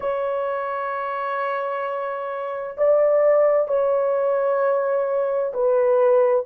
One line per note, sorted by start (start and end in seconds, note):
0.00 2.76 C#5
2.77 3.68 D5
3.68 5.52 C#5
5.53 6.45 B4